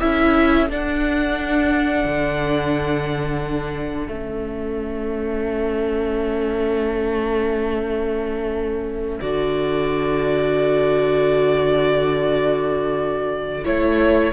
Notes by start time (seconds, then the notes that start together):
0.00 C#4 E4 A4 E5
0.70 D4 F#5
2.05 D3
4.08 A3 C#4 E5
9.21 D3 F#4 D5
13.64 A3 E4 C#5